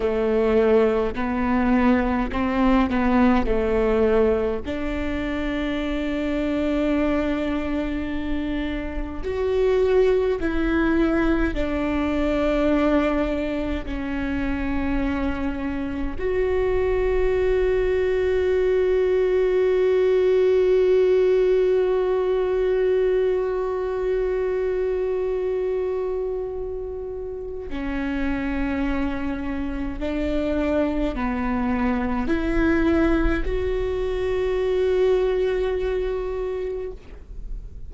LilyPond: \new Staff \with { instrumentName = "viola" } { \time 4/4 \tempo 4 = 52 a4 b4 c'8 b8 a4 | d'1 | fis'4 e'4 d'2 | cis'2 fis'2~ |
fis'1~ | fis'1 | cis'2 d'4 b4 | e'4 fis'2. | }